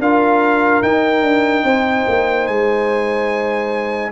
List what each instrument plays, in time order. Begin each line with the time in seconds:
0.00 tuba D4, trombone F4, horn A#4, trumpet F5
0.83 tuba D#4, trombone D#4, trumpet G5
1.22 tuba D4
1.64 tuba C4, horn C5
2.08 tuba A#3
2.47 tuba G#3, trumpet G#5